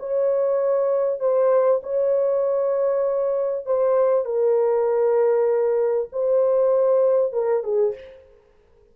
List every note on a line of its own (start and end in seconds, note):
0.00 1.21 C#5
1.21 1.82 C5
1.83 3.67 C#5
3.67 4.25 C5
4.25 6.09 A#4
6.13 7.33 C5
7.33 7.64 A#4
7.64 7.95 G#4